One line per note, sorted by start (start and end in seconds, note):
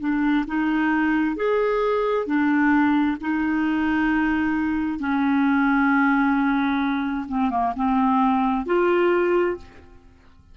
0.00 0.45 D4
0.48 1.36 D#4
1.36 2.26 G#4
2.26 3.17 D4
3.21 5.00 D#4
5.00 7.27 C#4
7.29 7.51 C4
7.51 7.74 A#3
7.76 8.67 C4
8.67 9.57 F4